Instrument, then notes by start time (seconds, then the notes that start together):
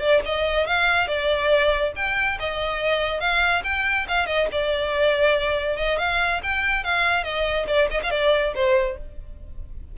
violin
0.00 D5
0.26 D#5
0.67 F5
1.08 D5
1.96 G5
2.39 D#5
3.20 F5
3.64 G5
4.08 F5
4.26 D#5
4.52 D5
5.77 D#5
5.98 F5
6.43 G5
6.84 F5
7.24 D#5
7.68 D5
7.91 D#5
8.03 F5
8.11 D5
8.55 C5